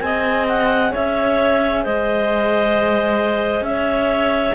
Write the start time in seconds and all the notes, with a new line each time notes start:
0.00 C4 G#4 D#5 G#5
0.48 F#5
0.92 C#4 C#5 E5
1.83 G#3 C5 D#5
3.61 C#4 E5
3.70 C#5